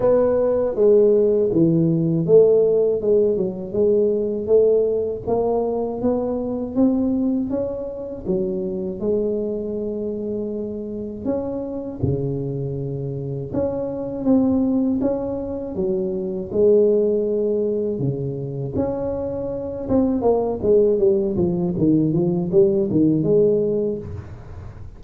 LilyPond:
\new Staff \with { instrumentName = "tuba" } { \time 4/4 \tempo 4 = 80 b4 gis4 e4 a4 | gis8 fis8 gis4 a4 ais4 | b4 c'4 cis'4 fis4 | gis2. cis'4 |
cis2 cis'4 c'4 | cis'4 fis4 gis2 | cis4 cis'4. c'8 ais8 gis8 | g8 f8 dis8 f8 g8 dis8 gis4 | }